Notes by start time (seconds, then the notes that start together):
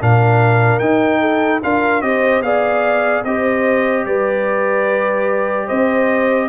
0.00 A#2 D4 A#4 F5
0.79 D#4 G5
1.20 A4
1.63 D4 F4 A#4 F5
2.01 C4 G4 C5 D#5
2.41 B3 G#4 D5 F5
3.24 C4 G4 C5 D#5
4.05 G3 B4 D5
5.66 C4 C5 D#5